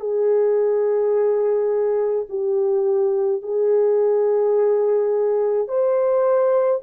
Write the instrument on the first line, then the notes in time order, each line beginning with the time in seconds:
horn
0.00 G#4
2.29 G4
3.42 G#4
5.68 C5